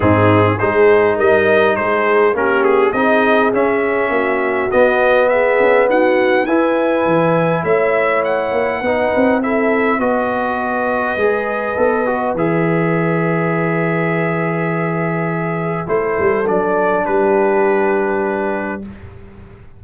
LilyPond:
<<
  \new Staff \with { instrumentName = "trumpet" } { \time 4/4 \tempo 4 = 102 gis'4 c''4 dis''4 c''4 | ais'8 gis'8 dis''4 e''2 | dis''4 e''4 fis''4 gis''4~ | gis''4 e''4 fis''2 |
e''4 dis''2.~ | dis''4 e''2.~ | e''2. c''4 | d''4 b'2. | }
  \new Staff \with { instrumentName = "horn" } { \time 4/4 dis'4 gis'4 ais'4 gis'4 | g'4 gis'2 fis'4~ | fis'4 gis'4 fis'4 b'4~ | b'4 cis''2 b'4 |
a'4 b'2.~ | b'1~ | b'2. a'4~ | a'4 g'2. | }
  \new Staff \with { instrumentName = "trombone" } { \time 4/4 c'4 dis'2. | cis'4 dis'4 cis'2 | b2. e'4~ | e'2. dis'4 |
e'4 fis'2 gis'4 | a'8 fis'8 gis'2.~ | gis'2. e'4 | d'1 | }
  \new Staff \with { instrumentName = "tuba" } { \time 4/4 gis,4 gis4 g4 gis4 | ais4 c'4 cis'4 ais4 | b4. cis'8 dis'4 e'4 | e4 a4. ais8 b8 c'8~ |
c'4 b2 gis4 | b4 e2.~ | e2. a8 g8 | fis4 g2. | }
>>